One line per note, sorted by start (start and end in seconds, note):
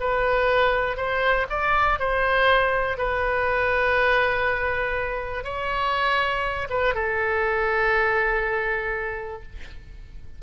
0.00 0.97 B4
0.97 1.46 C5
1.49 1.99 D5
1.99 2.97 C5
2.97 5.44 B4
5.44 6.68 C#5
6.70 6.94 B4
6.94 9.42 A4